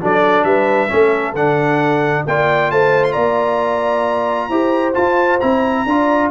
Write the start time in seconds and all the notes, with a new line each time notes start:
0.00 F#3 D4 A4 D5
0.43 G3 B4 E5
0.88 A3 C#4 A4
1.34 D3 D4 F#5
2.27 A#3 F4 D5 G5
2.71 A3 C5 A5
3.04 C6
3.12 A#3 D5 A#5
4.49 E4 G4 C5
4.94 F4 A5
5.40 C4 E4 A#5
5.86 D4 F4 D5